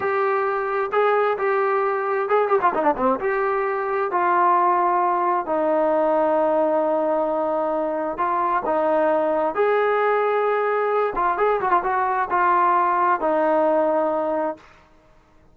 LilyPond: \new Staff \with { instrumentName = "trombone" } { \time 4/4 \tempo 4 = 132 g'2 gis'4 g'4~ | g'4 gis'8 g'16 f'16 dis'16 d'16 c'8 g'4~ | g'4 f'2. | dis'1~ |
dis'2 f'4 dis'4~ | dis'4 gis'2.~ | gis'8 f'8 gis'8 fis'16 f'16 fis'4 f'4~ | f'4 dis'2. | }